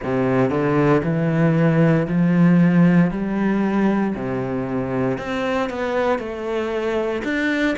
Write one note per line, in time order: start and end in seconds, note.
0.03 0.49 C3
0.49 1.01 D3
1.03 2.07 E3
2.07 3.10 F3
3.10 4.14 G3
4.15 5.17 C3
5.17 5.69 C4
5.69 6.18 B3
6.18 7.22 A3
7.24 7.75 D4